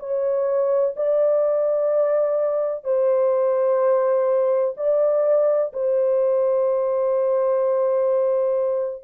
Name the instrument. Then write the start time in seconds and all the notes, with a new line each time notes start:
horn
0.00 C#5
0.97 D5
2.85 C5
4.77 D5
5.74 C5